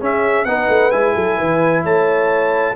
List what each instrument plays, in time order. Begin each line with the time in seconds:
0.00 tuba C#4, trombone C#4, horn G#4, trumpet E5
0.44 tuba B3, trombone D#4, horn B4, trumpet F#5
0.68 tuba A3
0.90 tuba G#3, trombone E4, trumpet G#5
1.14 tuba F#3, horn A4
1.37 tuba E3, horn B4
1.83 tuba A3, horn C#5, trumpet A5